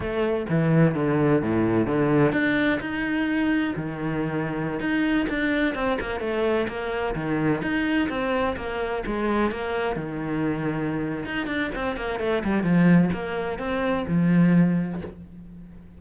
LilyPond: \new Staff \with { instrumentName = "cello" } { \time 4/4 \tempo 4 = 128 a4 e4 d4 a,4 | d4 d'4 dis'2 | dis2~ dis16 dis'4 d'8.~ | d'16 c'8 ais8 a4 ais4 dis8.~ |
dis16 dis'4 c'4 ais4 gis8.~ | gis16 ais4 dis2~ dis8. | dis'8 d'8 c'8 ais8 a8 g8 f4 | ais4 c'4 f2 | }